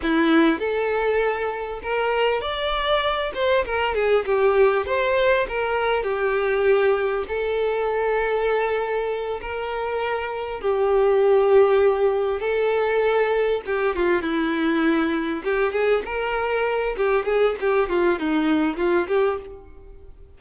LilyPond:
\new Staff \with { instrumentName = "violin" } { \time 4/4 \tempo 4 = 99 e'4 a'2 ais'4 | d''4. c''8 ais'8 gis'8 g'4 | c''4 ais'4 g'2 | a'2.~ a'8 ais'8~ |
ais'4. g'2~ g'8~ | g'8 a'2 g'8 f'8 e'8~ | e'4. g'8 gis'8 ais'4. | g'8 gis'8 g'8 f'8 dis'4 f'8 g'8 | }